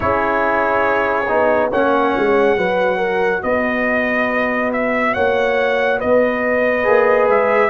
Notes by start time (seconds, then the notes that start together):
0.00 C#4 E4 G#4 C#5
1.28 B3 D#4
1.70 A#3 C#4 C#5 F#5
2.17 G#3
2.56 F#3 F#4 B4
2.97 A#4
3.42 B3 B4 D#5
4.72 E5
5.12 A#3 C#5 F#5
5.98 B3 B4 D#5
6.83 A#3 G#4
7.28 G#3 E5